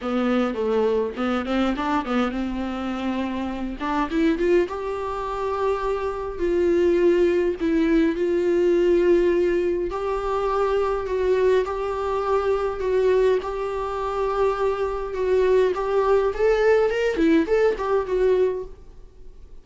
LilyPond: \new Staff \with { instrumentName = "viola" } { \time 4/4 \tempo 4 = 103 b4 a4 b8 c'8 d'8 b8 | c'2~ c'8 d'8 e'8 f'8 | g'2. f'4~ | f'4 e'4 f'2~ |
f'4 g'2 fis'4 | g'2 fis'4 g'4~ | g'2 fis'4 g'4 | a'4 ais'8 e'8 a'8 g'8 fis'4 | }